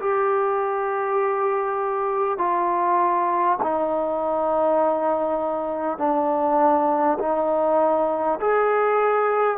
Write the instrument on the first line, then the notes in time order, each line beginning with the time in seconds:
trombone
0.00 G4
2.38 F4
3.62 D#4
5.98 D4
7.19 D#4
8.41 G#4